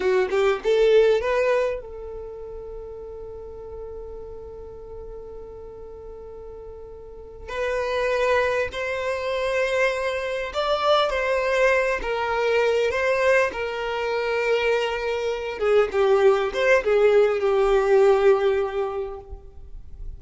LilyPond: \new Staff \with { instrumentName = "violin" } { \time 4/4 \tempo 4 = 100 fis'8 g'8 a'4 b'4 a'4~ | a'1~ | a'1~ | a'8 b'2 c''4.~ |
c''4. d''4 c''4. | ais'4. c''4 ais'4.~ | ais'2 gis'8 g'4 c''8 | gis'4 g'2. | }